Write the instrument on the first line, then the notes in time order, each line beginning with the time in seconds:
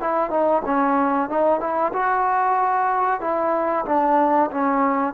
trombone
0.00 E4
0.30 D#4
0.65 C#4
1.29 D#4
1.60 E4
1.93 F#4
3.21 E4
3.86 D4
4.51 C#4